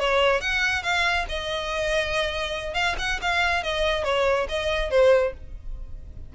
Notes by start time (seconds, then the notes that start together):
0.00 C#5
0.41 F#5
0.83 F5
1.29 D#5
2.74 F5
2.99 F#5
3.22 F5
3.64 D#5
4.05 C#5
4.49 D#5
4.91 C5